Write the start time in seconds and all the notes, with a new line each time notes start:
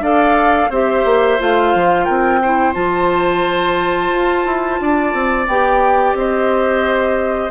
0.00 D4 A4 D5 F5
0.70 C4 G4 C5 E5
1.05 A#3
1.39 A3 F4 F5
1.75 F3
2.05 C4 A#4 G5
2.42 E4 C5
2.74 F3 F4 A5
4.11 F4
4.46 E4
4.81 D4 D5
5.14 C4
5.48 B3 G4 G5
6.14 C4 C5 D#5